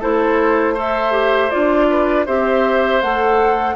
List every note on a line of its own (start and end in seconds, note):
0.00 1.54 A3
0.00 0.76 E4
0.00 0.74 A4
0.00 0.78 C5
0.74 1.12 A4
0.74 1.87 C5
0.74 1.50 E5
1.12 1.50 G4
1.50 2.28 D4
1.50 2.26 F4
1.50 2.25 D5
1.90 2.26 B4
2.26 3.03 C4
2.26 3.02 G4
2.26 3.76 C5
2.26 3.02 E5
3.02 3.76 A3
3.02 3.76 A4
3.02 3.76 F#5